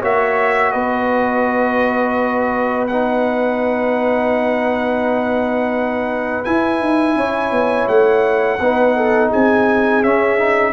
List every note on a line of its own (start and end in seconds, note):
0.00 0.74 A#3
0.00 2.89 F#4
0.00 0.71 C#5
0.00 0.72 E5
0.72 6.45 B3
0.72 7.15 B4
0.72 2.86 D#5
2.87 6.44 D#4
2.87 6.44 F#5
6.44 8.58 E4
6.44 6.81 E4
6.44 7.87 G#5
6.81 7.15 D#4
7.15 7.51 C#4
7.15 8.60 C#5
7.51 7.87 B3
7.88 8.59 A3
7.88 9.31 F#5
8.60 9.31 B3
8.60 10.03 D#4
8.60 8.96 B4
8.96 9.29 A4
9.29 10.03 C4
9.29 10.72 G#4
9.29 10.03 G#5
10.03 10.73 C#4
10.03 10.38 C#4
10.03 10.73 E5
10.38 10.73 D#4